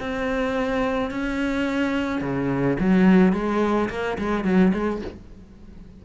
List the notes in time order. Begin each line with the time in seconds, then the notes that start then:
0.00 C4
1.11 C#4
2.21 C#3
2.80 F#3
3.33 G#3
3.90 A#3
4.18 G#3
4.45 F#3
4.74 G#3